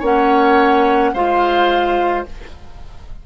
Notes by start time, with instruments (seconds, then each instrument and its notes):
0.00 bassoon A#3, clarinet C#4, oboe C#5, flute F#5
1.14 bassoon G#3, clarinet F4, oboe C5, flute F5